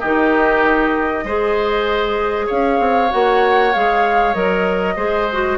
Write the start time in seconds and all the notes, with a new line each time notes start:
0.00 D#3 D#4 G4 D#5
1.24 G#3 G#4 C5
2.47 C#4 C#5 F5
2.79 C4
3.10 A#3 F#4 F#5
3.73 G#3 G#4 F5
4.34 F#3 A#4 D#5
4.96 G#3 G#4 C5
5.32 F#4